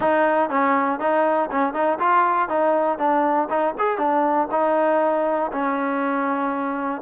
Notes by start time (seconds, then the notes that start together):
0.00 D#4
0.49 C#4
0.99 D#4
1.51 C#4
1.73 D#4
1.99 F4
2.48 D#4
2.98 D4
3.49 D#4
3.78 G#4
3.98 D4
4.51 D#4
5.52 C#4